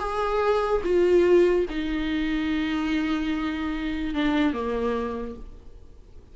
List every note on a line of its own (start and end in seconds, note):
0.00 0.82 G#4
0.84 1.66 F4
1.70 4.15 D#4
4.15 4.54 D4
4.54 5.36 A#3